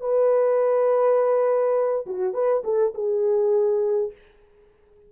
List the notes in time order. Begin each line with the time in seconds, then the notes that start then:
0.00 B4
2.06 F#4
2.33 B4
2.64 A4
2.94 G#4